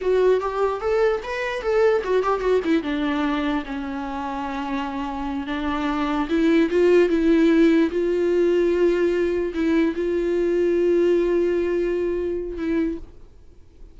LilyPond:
\new Staff \with { instrumentName = "viola" } { \time 4/4 \tempo 4 = 148 fis'4 g'4 a'4 b'4 | a'4 fis'8 g'8 fis'8 e'8 d'4~ | d'4 cis'2.~ | cis'4. d'2 e'8~ |
e'8 f'4 e'2 f'8~ | f'2.~ f'8 e'8~ | e'8 f'2.~ f'8~ | f'2. e'4 | }